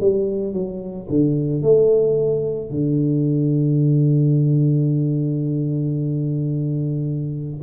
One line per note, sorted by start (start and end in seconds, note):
0.00 0.53 G3
0.53 1.08 F#3
1.10 1.62 D3
1.62 2.70 A3
2.70 7.61 D3